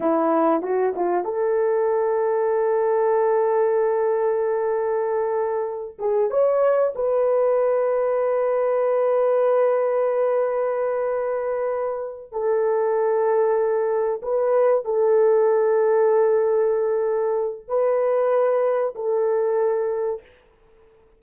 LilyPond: \new Staff \with { instrumentName = "horn" } { \time 4/4 \tempo 4 = 95 e'4 fis'8 f'8 a'2~ | a'1~ | a'4. gis'8 cis''4 b'4~ | b'1~ |
b'2.~ b'8 a'8~ | a'2~ a'8 b'4 a'8~ | a'1 | b'2 a'2 | }